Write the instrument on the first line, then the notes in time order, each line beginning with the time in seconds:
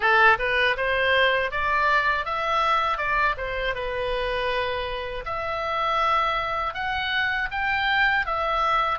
oboe
0.00 A4
0.39 B4
0.76 C5
1.51 D5
2.25 E5
2.97 D5
3.37 C5
3.75 B4
5.25 E5
6.73 F#5
7.51 G5
8.26 E5